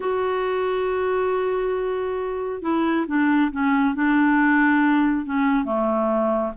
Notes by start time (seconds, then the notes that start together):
0.00 F#4
2.62 E4
3.07 D4
3.51 C#4
3.95 D4
5.25 C#4
5.64 A3